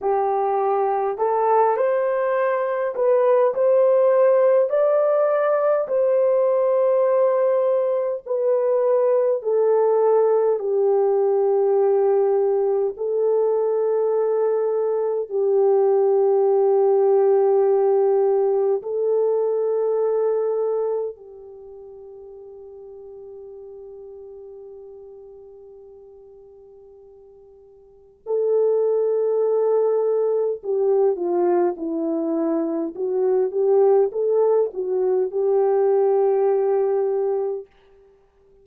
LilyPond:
\new Staff \with { instrumentName = "horn" } { \time 4/4 \tempo 4 = 51 g'4 a'8 c''4 b'8 c''4 | d''4 c''2 b'4 | a'4 g'2 a'4~ | a'4 g'2. |
a'2 g'2~ | g'1 | a'2 g'8 f'8 e'4 | fis'8 g'8 a'8 fis'8 g'2 | }